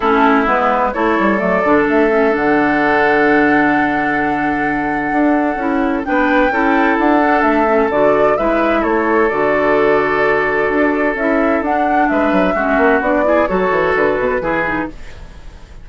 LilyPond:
<<
  \new Staff \with { instrumentName = "flute" } { \time 4/4 \tempo 4 = 129 a'4 b'4 cis''4 d''4 | e''4 fis''2.~ | fis''1~ | fis''4 g''2 fis''4 |
e''4 d''4 e''4 cis''4 | d''1 | e''4 fis''4 e''2 | d''4 cis''4 b'2 | }
  \new Staff \with { instrumentName = "oboe" } { \time 4/4 e'2 a'2~ | a'1~ | a'1~ | a'4 b'4 a'2~ |
a'2 b'4 a'4~ | a'1~ | a'2 b'4 fis'4~ | fis'8 gis'8 a'2 gis'4 | }
  \new Staff \with { instrumentName = "clarinet" } { \time 4/4 cis'4 b4 e'4 a8 d'8~ | d'8 cis'8 d'2.~ | d'1 | e'4 d'4 e'4. d'8~ |
d'8 cis'8 fis'4 e'2 | fis'1 | e'4 d'2 cis'4 | d'8 e'8 fis'2 e'8 dis'8 | }
  \new Staff \with { instrumentName = "bassoon" } { \time 4/4 a4 gis4 a8 g8 fis8 d8 | a4 d2.~ | d2. d'4 | cis'4 b4 cis'4 d'4 |
a4 d4 gis4 a4 | d2. d'4 | cis'4 d'4 gis8 fis8 gis8 ais8 | b4 fis8 e8 d8 b,8 e4 | }
>>